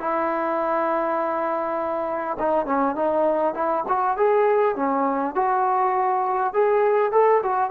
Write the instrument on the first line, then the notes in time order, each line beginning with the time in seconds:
trombone
0.00 E4
2.39 D#4
2.66 C#4
2.96 D#4
3.54 E4
3.88 F#4
4.17 G#4
4.76 C#4
5.35 F#4
6.54 G#4
7.12 A4
7.43 F#4